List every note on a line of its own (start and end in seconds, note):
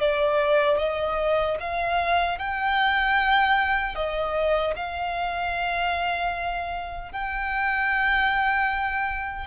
0.00 0.78 D5
0.78 1.57 D#5
1.60 2.38 F5
2.38 3.95 G5
3.95 4.74 D#5
4.75 7.12 F5
7.12 9.46 G5